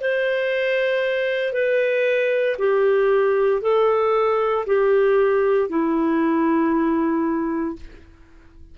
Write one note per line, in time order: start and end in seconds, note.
0.00 1.52 C5
1.52 2.56 B4
2.58 3.61 G4
3.61 4.65 A4
4.66 5.69 G4
5.69 7.76 E4